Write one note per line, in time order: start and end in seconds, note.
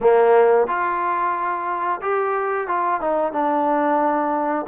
0.00 0.67 A#3
0.67 2.00 F4
2.02 2.67 G4
2.67 3.00 F4
3.01 3.32 D#4
3.32 4.65 D4